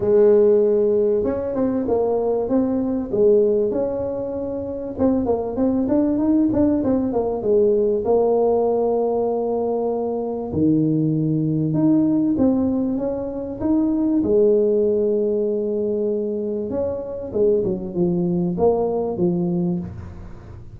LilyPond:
\new Staff \with { instrumentName = "tuba" } { \time 4/4 \tempo 4 = 97 gis2 cis'8 c'8 ais4 | c'4 gis4 cis'2 | c'8 ais8 c'8 d'8 dis'8 d'8 c'8 ais8 | gis4 ais2.~ |
ais4 dis2 dis'4 | c'4 cis'4 dis'4 gis4~ | gis2. cis'4 | gis8 fis8 f4 ais4 f4 | }